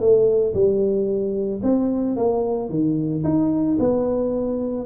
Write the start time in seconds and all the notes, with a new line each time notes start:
0.00 A3
0.54 G3
1.63 C4
2.16 A#3
2.70 D#3
3.24 D#4
3.79 B3